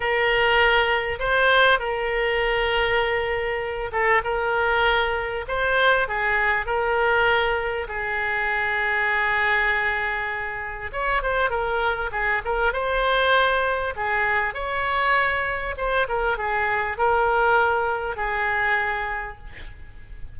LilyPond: \new Staff \with { instrumentName = "oboe" } { \time 4/4 \tempo 4 = 99 ais'2 c''4 ais'4~ | ais'2~ ais'8 a'8 ais'4~ | ais'4 c''4 gis'4 ais'4~ | ais'4 gis'2.~ |
gis'2 cis''8 c''8 ais'4 | gis'8 ais'8 c''2 gis'4 | cis''2 c''8 ais'8 gis'4 | ais'2 gis'2 | }